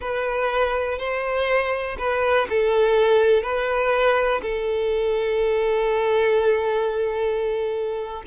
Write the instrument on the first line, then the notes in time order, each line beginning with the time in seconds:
violin
0.00 B4
0.98 C5
1.98 B4
2.49 A4
3.42 B4
4.42 A4